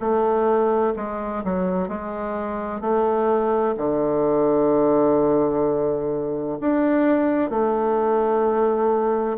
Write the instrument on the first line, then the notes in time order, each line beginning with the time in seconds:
bassoon
0.00 A3
0.96 G#3
1.44 F#3
1.89 G#3
2.81 A3
3.77 D3
6.61 D4
7.50 A3